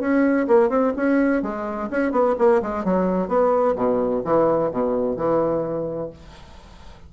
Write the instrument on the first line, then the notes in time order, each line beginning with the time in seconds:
bassoon
0.00 C#4
0.47 A#3
0.69 C4
0.96 C#4
1.42 G#3
1.91 C#4
2.12 B3
2.38 A#3
2.62 G#3
2.84 F#3
3.28 B3
3.76 B2
4.24 E3
4.71 B2
5.16 E3